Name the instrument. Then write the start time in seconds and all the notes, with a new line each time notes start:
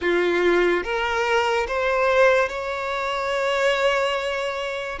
violin
0.01 F4
0.83 A#4
1.67 C5
2.48 C#5